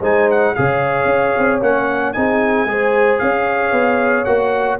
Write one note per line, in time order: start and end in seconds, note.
0.00 0.54 G#3
0.00 0.55 D#4
0.00 0.53 C5
0.00 0.30 G#5
0.30 0.54 F#5
0.54 1.05 C#3
0.54 1.62 G#4
0.54 2.16 C#5
0.54 1.61 F5
1.05 1.32 C#4
1.38 1.61 C4
1.61 2.14 A#3
1.61 2.14 C#4
1.61 2.13 F#5
2.13 2.65 C4
2.13 2.67 D#4
2.13 2.69 G#4
2.13 3.19 G#5
2.65 3.18 G#3
2.65 4.26 G#4
2.65 3.21 C5
3.19 3.72 C#4
3.19 4.79 C#5
3.19 4.25 F5
3.72 4.25 B3
4.25 4.79 A#3
4.25 4.79 F#4
4.25 4.78 F#5